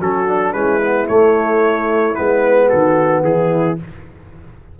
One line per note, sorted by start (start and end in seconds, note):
0.00 0.54 F#3
0.00 0.27 C#4
0.00 0.53 F#4
0.00 0.53 A4
0.27 0.54 D4
0.53 1.08 G#3
0.53 0.81 C#4
0.53 2.69 E4
0.53 1.07 B4
0.81 1.07 B3
1.07 2.15 A3
1.07 2.17 A3
1.07 2.15 C#5
2.15 2.72 G#3
2.15 3.77 B3
2.15 2.69 B4
2.69 3.23 D#3
2.69 3.23 F#4
2.69 3.24 A4
3.23 3.77 E3
3.23 3.80 E4
3.23 3.78 G#4